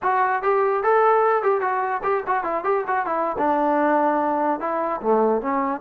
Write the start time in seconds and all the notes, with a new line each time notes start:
0.02 F#4
0.42 G4
0.83 A4
1.42 G4
1.60 F#4
2.03 G4
2.27 F#4
2.43 E4
2.64 G4
2.87 F#4
3.06 E4
3.37 D4
4.60 E4
5.01 A3
5.41 C#4